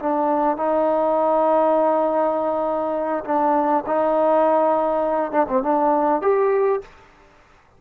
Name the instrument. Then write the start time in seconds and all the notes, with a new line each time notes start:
trombone
0.00 D4
0.57 D#4
3.25 D4
3.87 D#4
5.32 D4
5.49 C4
5.63 D4
6.22 G4